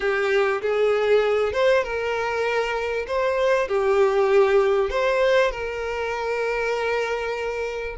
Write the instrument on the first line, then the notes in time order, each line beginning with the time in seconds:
violin
0.00 G4
0.61 G#4
1.53 C5
1.83 A#4
3.07 C5
3.68 G4
4.90 C5
5.51 A#4